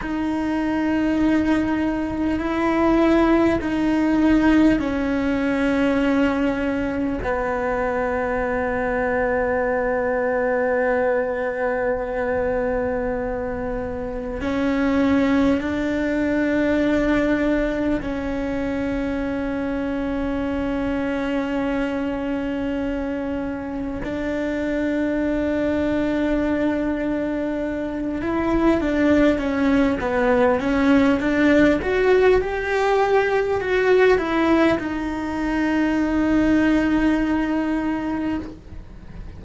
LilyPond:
\new Staff \with { instrumentName = "cello" } { \time 4/4 \tempo 4 = 50 dis'2 e'4 dis'4 | cis'2 b2~ | b1 | cis'4 d'2 cis'4~ |
cis'1 | d'2.~ d'8 e'8 | d'8 cis'8 b8 cis'8 d'8 fis'8 g'4 | fis'8 e'8 dis'2. | }